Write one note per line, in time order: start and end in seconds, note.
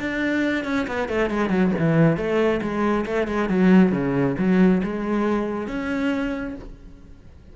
0.00 0.65 D4
0.65 0.87 C#4
0.88 1.09 B3
1.09 1.30 A3
1.30 1.50 G#3
1.50 1.71 F#3
1.79 2.17 E3
2.17 2.61 A3
2.62 3.06 G#3
3.06 3.28 A3
3.28 3.49 G#3
3.49 3.92 F#3
3.92 4.36 C#3
4.38 4.82 F#3
4.84 5.68 G#3
5.68 6.55 C#4